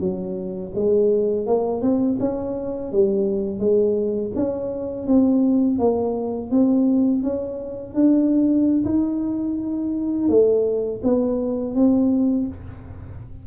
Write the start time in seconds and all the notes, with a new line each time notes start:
0.00 F#3
0.75 G#3
1.47 A#3
1.82 C4
2.20 C#4
2.92 G3
3.60 G#3
4.35 C#4
5.07 C4
5.79 A#3
6.51 C4
7.23 C#4
7.94 D4
8.85 D#4
10.29 A3
11.03 B3
11.75 C4